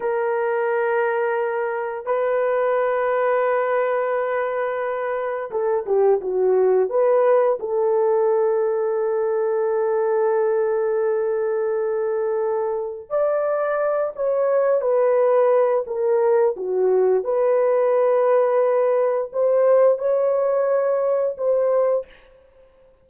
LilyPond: \new Staff \with { instrumentName = "horn" } { \time 4/4 \tempo 4 = 87 ais'2. b'4~ | b'1 | a'8 g'8 fis'4 b'4 a'4~ | a'1~ |
a'2. d''4~ | d''8 cis''4 b'4. ais'4 | fis'4 b'2. | c''4 cis''2 c''4 | }